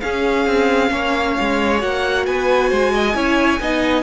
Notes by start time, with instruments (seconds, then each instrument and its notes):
0.00 viola C#4, cello C#4, violin G#4 F5
0.46 cello C4
0.91 cello A#3, violin C#5
1.40 cello G#3
1.79 cello A#3, viola F#4, violin F#5
2.26 cello B3, violin B4 G#5
2.69 cello G#3, violin C5
2.93 violin D#5
3.14 cello C#4, viola E4, violin C#5
3.60 cello B3, viola D#4, violin D#5